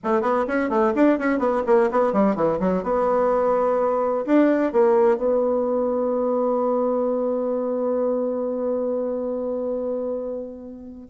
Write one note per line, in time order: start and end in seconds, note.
0.03 0.21 A3
0.21 0.45 B3
0.47 0.69 C#4
0.69 0.93 A3
0.95 1.18 D4
1.18 1.39 C#4
1.39 1.62 B3
1.66 1.90 A#3
1.91 2.12 B3
2.12 2.35 G3
2.35 2.59 E3
2.59 2.83 F#3
2.83 4.25 B3
4.26 4.72 D4
4.72 5.17 A#3
5.17 11.07 B3